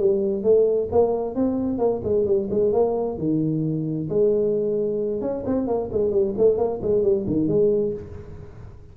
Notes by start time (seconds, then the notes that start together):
0.00 G3
0.44 A3
0.92 A#3
1.36 C4
1.79 A#3
2.05 G#3
2.26 G3
2.51 G#3
2.73 A#3
3.18 D#3
4.10 G#3
5.22 C#4
5.46 C4
5.68 A#3
5.92 G#3
6.12 G3
6.38 A3
6.58 A#3
6.82 G#3
7.03 G3
7.27 D#3
7.48 G#3